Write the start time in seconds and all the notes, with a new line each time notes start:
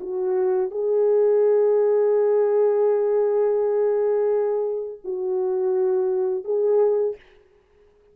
0.00 F#4
0.71 G#4
5.04 F#4
6.44 G#4